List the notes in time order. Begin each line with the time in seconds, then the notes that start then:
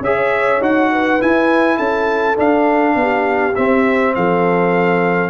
0.00 C#4 G#4 C#5 E5
0.61 D#4 F#4 F#5
0.92 B4
1.19 E4 G#5
1.76 C#4 A4 A5
2.35 D4 F5
2.95 B3 G4
3.55 C4 E5
4.15 F3 A4 F5